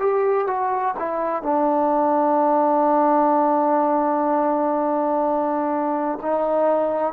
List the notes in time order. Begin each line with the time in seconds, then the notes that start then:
0.00 G4
0.48 F#4
0.99 E4
1.43 D4
6.23 D#4